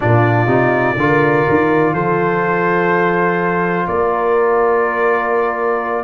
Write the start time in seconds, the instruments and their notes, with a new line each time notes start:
0.00 tuba A#2, trombone D4, horn F4, trumpet D5
0.47 tuba C3, trombone D#4
0.97 tuba D3, trombone F4, horn A#4
1.48 tuba D#3
1.92 tuba F3, horn A4, trumpet C5
3.87 tuba A#3, horn A#4, trumpet D5